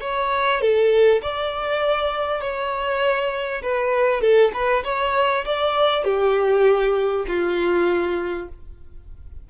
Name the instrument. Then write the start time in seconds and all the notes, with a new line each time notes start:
violin
0.00 C#5
0.61 A4
1.21 D5
2.40 C#5
3.62 B4
4.21 A4
4.53 B4
4.84 C#5
5.45 D5
6.04 G4
7.27 F4